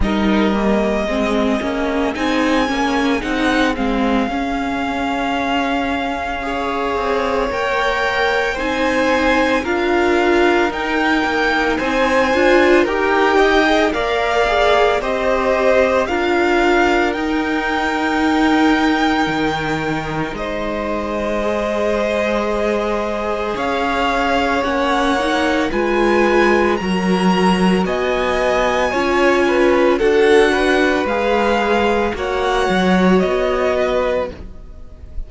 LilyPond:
<<
  \new Staff \with { instrumentName = "violin" } { \time 4/4 \tempo 4 = 56 dis''2 gis''4 fis''8 f''8~ | f''2. g''4 | gis''4 f''4 g''4 gis''4 | g''4 f''4 dis''4 f''4 |
g''2. dis''4~ | dis''2 f''4 fis''4 | gis''4 ais''4 gis''2 | fis''4 f''4 fis''4 dis''4 | }
  \new Staff \with { instrumentName = "violin" } { \time 4/4 ais'4 gis'2.~ | gis'2 cis''2 | c''4 ais'2 c''4 | ais'8 dis''8 d''4 c''4 ais'4~ |
ais'2. c''4~ | c''2 cis''2 | b'4 ais'4 dis''4 cis''8 b'8 | a'8 b'4. cis''4. b'8 | }
  \new Staff \with { instrumentName = "viola" } { \time 4/4 dis'8 ais8 c'8 cis'8 dis'8 cis'8 dis'8 c'8 | cis'2 gis'4 ais'4 | dis'4 f'4 dis'4. f'8 | g'8. gis'16 ais'8 gis'8 g'4 f'4 |
dis'1 | gis'2. cis'8 dis'8 | f'4 fis'2 f'4 | fis'4 gis'4 fis'2 | }
  \new Staff \with { instrumentName = "cello" } { \time 4/4 g4 gis8 ais8 c'8 ais8 c'8 gis8 | cis'2~ cis'8 c'8 ais4 | c'4 d'4 dis'8 ais8 c'8 d'8 | dis'4 ais4 c'4 d'4 |
dis'2 dis4 gis4~ | gis2 cis'4 ais4 | gis4 fis4 b4 cis'4 | d'4 gis4 ais8 fis8 b4 | }
>>